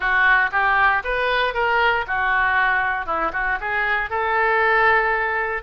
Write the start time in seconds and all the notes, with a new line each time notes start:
0.00 F#4
0.51 G4
1.04 B4
1.54 A#4
2.07 F#4
3.06 E4
3.33 F#4
3.60 G#4
4.10 A4